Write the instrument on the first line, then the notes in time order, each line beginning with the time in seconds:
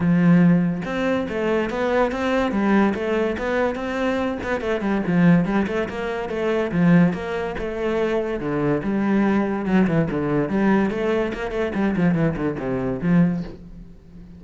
cello
0.00 F3
0.85 C4
1.28 A3
1.70 B3
2.11 C4
2.51 G3
2.94 A3
3.38 B3
3.75 C4
4.43 B3
4.61 A3
4.80 G3
5.06 F3
5.45 G3
5.67 A3
5.88 A#3
6.29 A3
6.71 F3
7.13 A#3
7.58 A3
8.40 D3
8.83 G3
9.65 F#3
9.87 E3
10.10 D3
10.49 G3
10.90 A3
11.33 A#3
11.51 A3
11.74 G3
11.96 F3
12.14 E3
12.36 D3
12.58 C3
13.01 F3